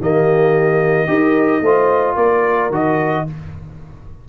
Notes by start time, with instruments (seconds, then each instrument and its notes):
0.00 tuba D#3, trombone A#3, horn G4, trumpet D#5
1.07 tuba D#4, trombone G4, horn A#4
1.61 tuba A3, trombone F4, horn C5
2.16 tuba A#3, horn A#4, trumpet D5
2.71 tuba D#3, trombone F#4, trumpet D#5